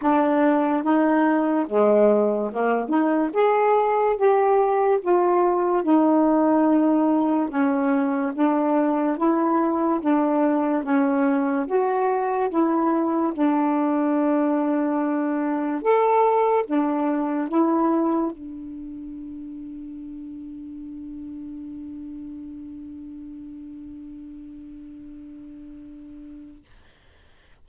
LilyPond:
\new Staff \with { instrumentName = "saxophone" } { \time 4/4 \tempo 4 = 72 d'4 dis'4 gis4 ais8 dis'8 | gis'4 g'4 f'4 dis'4~ | dis'4 cis'4 d'4 e'4 | d'4 cis'4 fis'4 e'4 |
d'2. a'4 | d'4 e'4 d'2~ | d'1~ | d'1 | }